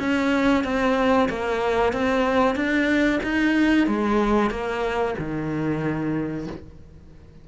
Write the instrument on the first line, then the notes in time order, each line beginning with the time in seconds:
cello
0.00 C#4
0.65 C4
1.29 A#3
1.93 C4
2.56 D4
3.23 D#4
3.87 G#3
4.50 A#3
5.18 D#3